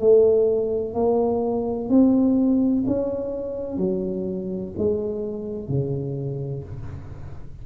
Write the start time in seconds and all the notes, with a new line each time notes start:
0.00 A3
0.94 A#3
1.89 C4
2.87 C#4
3.77 F#3
4.78 G#3
5.69 C#3